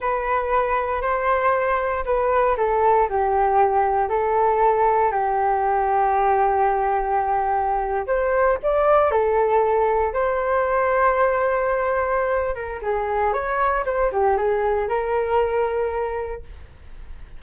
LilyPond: \new Staff \with { instrumentName = "flute" } { \time 4/4 \tempo 4 = 117 b'2 c''2 | b'4 a'4 g'2 | a'2 g'2~ | g'2.~ g'8. c''16~ |
c''8. d''4 a'2 c''16~ | c''1~ | c''8 ais'8 gis'4 cis''4 c''8 g'8 | gis'4 ais'2. | }